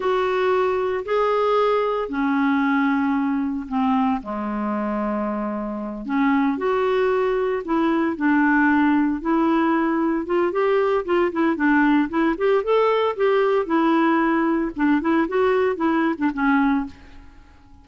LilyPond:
\new Staff \with { instrumentName = "clarinet" } { \time 4/4 \tempo 4 = 114 fis'2 gis'2 | cis'2. c'4 | gis2.~ gis8 cis'8~ | cis'8 fis'2 e'4 d'8~ |
d'4. e'2 f'8 | g'4 f'8 e'8 d'4 e'8 g'8 | a'4 g'4 e'2 | d'8 e'8 fis'4 e'8. d'16 cis'4 | }